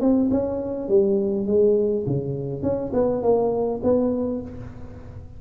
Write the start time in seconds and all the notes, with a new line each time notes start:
0.00 C4
0.30 C#4
0.88 G3
1.47 G#3
2.06 C#3
2.62 C#4
2.93 B3
3.22 A#3
3.83 B3